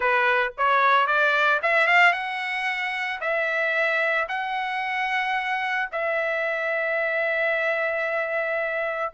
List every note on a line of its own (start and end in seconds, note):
0.00 0.52 B4
0.57 1.06 C#5
1.06 1.60 D5
1.62 1.87 E5
1.87 2.13 F5
2.13 3.20 F#5
3.20 4.27 E5
4.28 5.89 F#5
5.91 9.13 E5